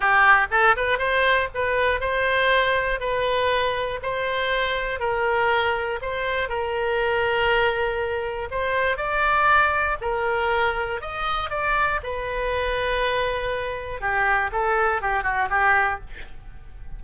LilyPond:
\new Staff \with { instrumentName = "oboe" } { \time 4/4 \tempo 4 = 120 g'4 a'8 b'8 c''4 b'4 | c''2 b'2 | c''2 ais'2 | c''4 ais'2.~ |
ais'4 c''4 d''2 | ais'2 dis''4 d''4 | b'1 | g'4 a'4 g'8 fis'8 g'4 | }